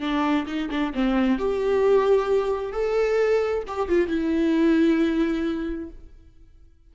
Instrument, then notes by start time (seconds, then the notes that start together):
viola
0.00 D4
0.46 D#4
0.70 D4
0.94 C4
1.38 G4
2.72 A4
3.67 G4
3.88 F4
4.08 E4